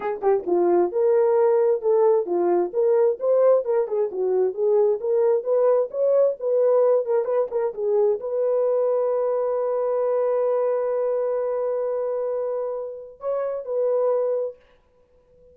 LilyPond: \new Staff \with { instrumentName = "horn" } { \time 4/4 \tempo 4 = 132 gis'8 g'8 f'4 ais'2 | a'4 f'4 ais'4 c''4 | ais'8 gis'8 fis'4 gis'4 ais'4 | b'4 cis''4 b'4. ais'8 |
b'8 ais'8 gis'4 b'2~ | b'1~ | b'1~ | b'4 cis''4 b'2 | }